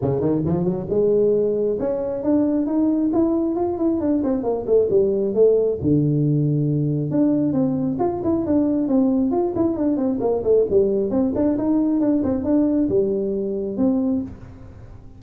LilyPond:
\new Staff \with { instrumentName = "tuba" } { \time 4/4 \tempo 4 = 135 cis8 dis8 f8 fis8 gis2 | cis'4 d'4 dis'4 e'4 | f'8 e'8 d'8 c'8 ais8 a8 g4 | a4 d2. |
d'4 c'4 f'8 e'8 d'4 | c'4 f'8 e'8 d'8 c'8 ais8 a8 | g4 c'8 d'8 dis'4 d'8 c'8 | d'4 g2 c'4 | }